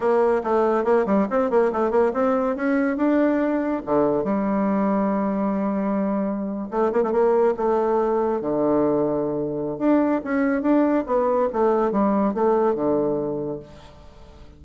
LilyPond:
\new Staff \with { instrumentName = "bassoon" } { \time 4/4 \tempo 4 = 141 ais4 a4 ais8 g8 c'8 ais8 | a8 ais8 c'4 cis'4 d'4~ | d'4 d4 g2~ | g2.~ g8. a16~ |
a16 ais16 a16 ais4 a2 d16~ | d2. d'4 | cis'4 d'4 b4 a4 | g4 a4 d2 | }